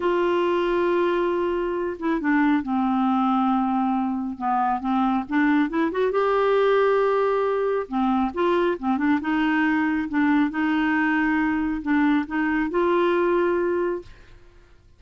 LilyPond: \new Staff \with { instrumentName = "clarinet" } { \time 4/4 \tempo 4 = 137 f'1~ | f'8 e'8 d'4 c'2~ | c'2 b4 c'4 | d'4 e'8 fis'8 g'2~ |
g'2 c'4 f'4 | c'8 d'8 dis'2 d'4 | dis'2. d'4 | dis'4 f'2. | }